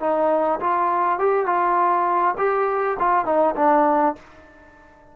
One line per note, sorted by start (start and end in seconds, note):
0.00 0.59 D#4
0.60 1.19 F4
1.19 1.46 G4
1.46 2.35 F4
2.38 2.97 G4
2.99 3.25 F4
3.25 3.55 D#4
3.56 4.15 D4